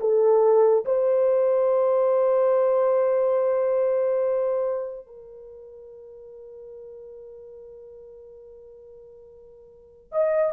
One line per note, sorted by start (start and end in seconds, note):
0.00 0.85 A4
0.85 5.06 C5
5.06 10.12 A#4
10.12 10.53 D#5